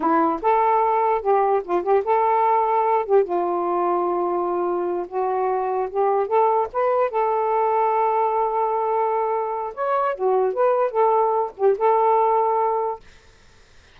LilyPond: \new Staff \with { instrumentName = "saxophone" } { \time 4/4 \tempo 4 = 148 e'4 a'2 g'4 | f'8 g'8 a'2~ a'8 g'8 | f'1~ | f'8 fis'2 g'4 a'8~ |
a'8 b'4 a'2~ a'8~ | a'1 | cis''4 fis'4 b'4 a'4~ | a'8 g'8 a'2. | }